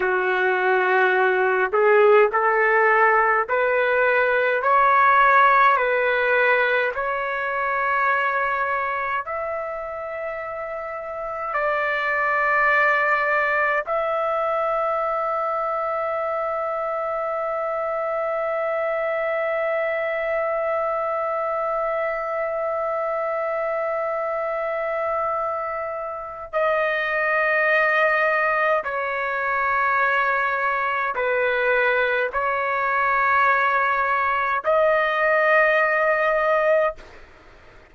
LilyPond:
\new Staff \with { instrumentName = "trumpet" } { \time 4/4 \tempo 4 = 52 fis'4. gis'8 a'4 b'4 | cis''4 b'4 cis''2 | e''2 d''2 | e''1~ |
e''1~ | e''2. dis''4~ | dis''4 cis''2 b'4 | cis''2 dis''2 | }